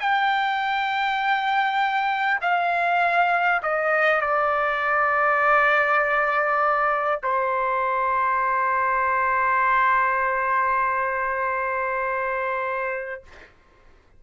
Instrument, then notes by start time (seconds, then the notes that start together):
trumpet
0.00 G5
2.42 F5
3.63 D#5
4.21 D5
7.23 C5